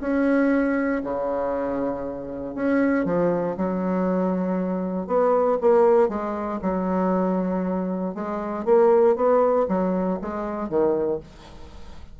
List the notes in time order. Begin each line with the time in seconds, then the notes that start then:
0.00 C#4
1.03 C#3
2.55 C#4
3.05 F3
3.57 F#3
5.07 B3
5.61 A#3
6.09 G#3
6.62 F#3
8.14 G#3
8.65 A#3
9.16 B3
9.68 F#3
10.21 G#3
10.69 D#3